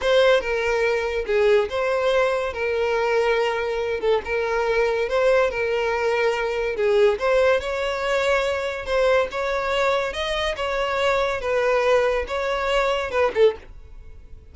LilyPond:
\new Staff \with { instrumentName = "violin" } { \time 4/4 \tempo 4 = 142 c''4 ais'2 gis'4 | c''2 ais'2~ | ais'4. a'8 ais'2 | c''4 ais'2. |
gis'4 c''4 cis''2~ | cis''4 c''4 cis''2 | dis''4 cis''2 b'4~ | b'4 cis''2 b'8 a'8 | }